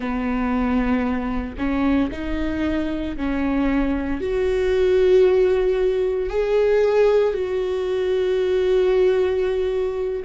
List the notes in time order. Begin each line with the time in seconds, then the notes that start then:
0.00 B3
1.57 C#4
2.11 D#4
3.16 C#4
4.21 F#4
6.29 G#4
7.33 F#4